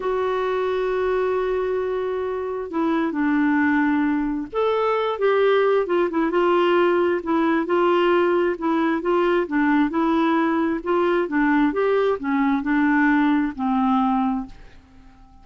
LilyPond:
\new Staff \with { instrumentName = "clarinet" } { \time 4/4 \tempo 4 = 133 fis'1~ | fis'2 e'4 d'4~ | d'2 a'4. g'8~ | g'4 f'8 e'8 f'2 |
e'4 f'2 e'4 | f'4 d'4 e'2 | f'4 d'4 g'4 cis'4 | d'2 c'2 | }